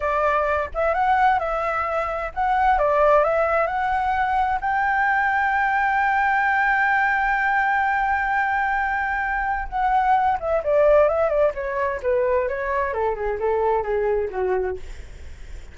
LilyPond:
\new Staff \with { instrumentName = "flute" } { \time 4/4 \tempo 4 = 130 d''4. e''8 fis''4 e''4~ | e''4 fis''4 d''4 e''4 | fis''2 g''2~ | g''1~ |
g''1~ | g''4 fis''4. e''8 d''4 | e''8 d''8 cis''4 b'4 cis''4 | a'8 gis'8 a'4 gis'4 fis'4 | }